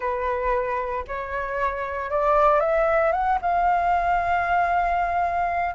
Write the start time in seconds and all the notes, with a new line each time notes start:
0.00 B4
1.07 C#5
2.10 D5
2.60 E5
3.12 F#5
3.41 F5